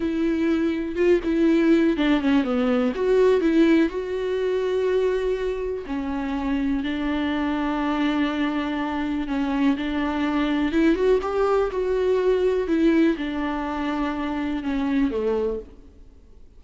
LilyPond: \new Staff \with { instrumentName = "viola" } { \time 4/4 \tempo 4 = 123 e'2 f'8 e'4. | d'8 cis'8 b4 fis'4 e'4 | fis'1 | cis'2 d'2~ |
d'2. cis'4 | d'2 e'8 fis'8 g'4 | fis'2 e'4 d'4~ | d'2 cis'4 a4 | }